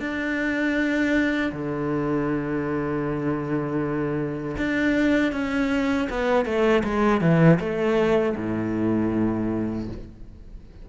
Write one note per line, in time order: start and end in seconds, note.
0.00 1.52 D4
1.52 4.56 D3
4.57 5.32 D4
5.32 6.08 C#4
6.10 6.45 B3
6.45 6.83 A3
6.84 7.21 G#3
7.21 7.59 E3
7.59 8.35 A3
8.36 9.88 A2